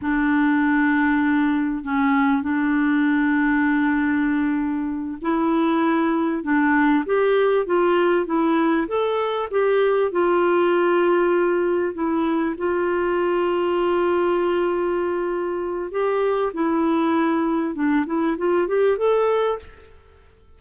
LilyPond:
\new Staff \with { instrumentName = "clarinet" } { \time 4/4 \tempo 4 = 98 d'2. cis'4 | d'1~ | d'8 e'2 d'4 g'8~ | g'8 f'4 e'4 a'4 g'8~ |
g'8 f'2. e'8~ | e'8 f'2.~ f'8~ | f'2 g'4 e'4~ | e'4 d'8 e'8 f'8 g'8 a'4 | }